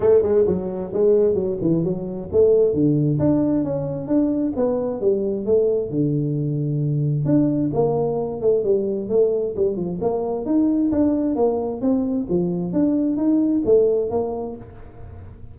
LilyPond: \new Staff \with { instrumentName = "tuba" } { \time 4/4 \tempo 4 = 132 a8 gis8 fis4 gis4 fis8 e8 | fis4 a4 d4 d'4 | cis'4 d'4 b4 g4 | a4 d2. |
d'4 ais4. a8 g4 | a4 g8 f8 ais4 dis'4 | d'4 ais4 c'4 f4 | d'4 dis'4 a4 ais4 | }